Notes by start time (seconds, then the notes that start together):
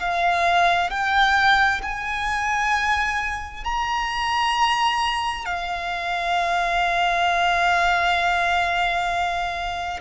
0.00 F5
0.90 G5
1.83 G#5
3.64 A#5
5.45 F5